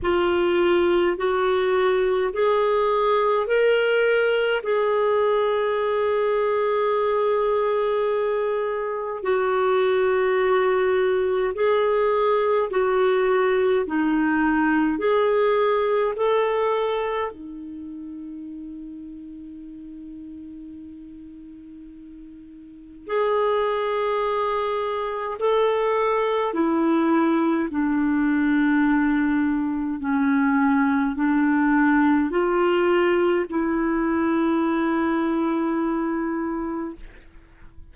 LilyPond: \new Staff \with { instrumentName = "clarinet" } { \time 4/4 \tempo 4 = 52 f'4 fis'4 gis'4 ais'4 | gis'1 | fis'2 gis'4 fis'4 | dis'4 gis'4 a'4 dis'4~ |
dis'1 | gis'2 a'4 e'4 | d'2 cis'4 d'4 | f'4 e'2. | }